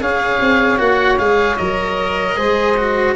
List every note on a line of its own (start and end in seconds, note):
0.00 0.39 C#4
0.00 0.78 G#4
0.00 2.36 C#5
0.00 0.79 F5
0.40 0.79 C4
0.78 1.18 A#3
0.78 1.17 F#4
0.78 1.18 F#5
1.18 1.58 G#3
1.18 1.58 G#4
1.18 1.56 F5
1.56 2.37 F#3
1.56 2.36 A#4
1.56 3.14 D#5
2.36 3.16 G#3
2.36 2.76 G#4
2.36 3.15 C5
2.76 3.16 F#4